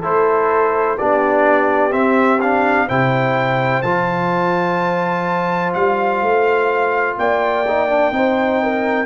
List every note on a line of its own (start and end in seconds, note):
0.00 0.99 A3
0.00 0.98 E4
0.00 0.95 A4
0.00 0.98 C5
0.98 1.94 B3
0.98 1.91 D4
0.98 2.88 G4
0.98 1.93 D5
1.91 2.39 C4
1.91 2.89 C4
1.91 2.40 E5
2.41 2.89 D4
2.41 2.88 F5
2.88 3.83 C3
2.88 3.84 E4
2.88 7.17 C5
2.88 3.82 G5
3.82 5.74 F3
3.82 7.66 F4
3.82 5.73 A5
5.74 6.22 G3
5.74 7.17 F5
6.22 7.17 A3
7.18 8.11 A#3
7.18 8.14 D5
7.18 9.06 G5
7.68 7.89 D#4
7.89 8.12 D4
8.11 9.06 C4
8.11 9.06 D#4
8.11 8.62 C5
8.62 9.06 A#4